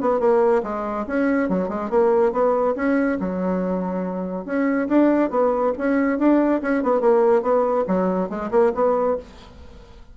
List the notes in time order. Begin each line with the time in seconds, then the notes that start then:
0.00 B3
0.19 A#3
0.63 G#3
1.07 C#4
1.49 F#3
1.68 G#3
1.89 A#3
2.32 B3
2.75 C#4
3.20 F#3
4.45 C#4
4.88 D4
5.30 B3
5.78 C#4
6.18 D4
6.62 C#4
6.82 B3
7.00 A#3
7.42 B3
7.87 F#3
8.29 G#3
8.51 A#3
8.74 B3